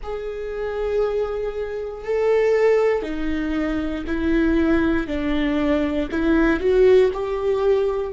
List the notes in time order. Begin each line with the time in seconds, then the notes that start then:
0.02 G#4
2.04 A4
3.02 D#4
4.07 E4
5.07 D4
6.11 E4
6.60 F#4
7.13 G4